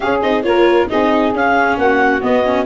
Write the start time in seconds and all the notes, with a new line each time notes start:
0.00 C#4 G#4 F5
0.22 C4 D#4 D#5
0.43 A#3 F4 A#4 C#5
0.89 C4 D#4 G#4 D#5
1.32 C#4 F5
1.77 A#3 F#4 F#5
2.21 B3 D#5
2.44 C#4